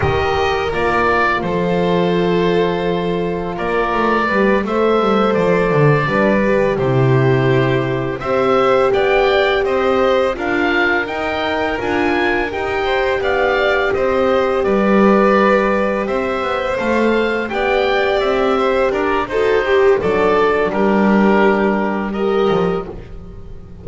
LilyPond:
<<
  \new Staff \with { instrumentName = "oboe" } { \time 4/4 \tempo 4 = 84 dis''4 d''4 c''2~ | c''4 d''4. e''4 d''8~ | d''4. c''2 e''8~ | e''8 g''4 dis''4 f''4 g''8~ |
g''8 gis''4 g''4 f''4 dis''8~ | dis''8 d''2 e''4 f''8~ | f''8 g''4 e''4 d''8 c''4 | d''4 ais'2 dis''4 | }
  \new Staff \with { instrumentName = "violin" } { \time 4/4 ais'2 a'2~ | a'4 ais'4 b'8 c''4.~ | c''8 b'4 g'2 c''8~ | c''8 d''4 c''4 ais'4.~ |
ais'2 c''8 d''4 c''8~ | c''8 b'2 c''4.~ | c''8 d''4. c''8 ais'8 a'8 g'8 | a'4 g'2 ais'4 | }
  \new Staff \with { instrumentName = "horn" } { \time 4/4 g'4 f'2.~ | f'2 g'8 a'4.~ | a'8 d'8 g'8 e'2 g'8~ | g'2~ g'8 f'4 dis'8~ |
dis'8 f'4 g'2~ g'8~ | g'2.~ g'8 a'8~ | a'8 g'2~ g'8 fis'8 g'8 | d'2. g'4 | }
  \new Staff \with { instrumentName = "double bass" } { \time 4/4 dis4 ais4 f2~ | f4 ais8 a8 g8 a8 g8 f8 | d8 g4 c2 c'8~ | c'8 b4 c'4 d'4 dis'8~ |
dis'8 d'4 dis'4 b4 c'8~ | c'8 g2 c'8 b8 a8~ | a8 b4 c'4 d'8 dis'4 | fis4 g2~ g8 f8 | }
>>